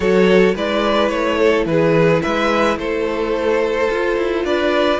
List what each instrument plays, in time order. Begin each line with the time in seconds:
0.00 cello F#3, viola F#4, violin A4 C#5
0.55 cello G#3, viola E4, violin B4 D5
1.08 cello A3, violin C#5
1.37 violin A4
1.65 cello E3, violin G#4 B4
2.22 cello G#3, violin B4 E5
2.77 cello A3, violin A4 C5
3.89 cello F4, viola F4
4.17 cello E4
4.44 cello D4, violin B4 D5